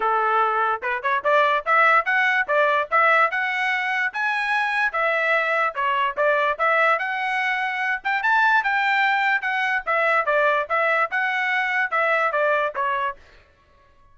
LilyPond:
\new Staff \with { instrumentName = "trumpet" } { \time 4/4 \tempo 4 = 146 a'2 b'8 cis''8 d''4 | e''4 fis''4 d''4 e''4 | fis''2 gis''2 | e''2 cis''4 d''4 |
e''4 fis''2~ fis''8 g''8 | a''4 g''2 fis''4 | e''4 d''4 e''4 fis''4~ | fis''4 e''4 d''4 cis''4 | }